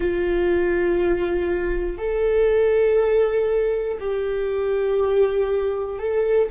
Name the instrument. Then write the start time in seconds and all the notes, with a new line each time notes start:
viola
0.00 F4
1.98 A4
4.00 G4
5.99 A4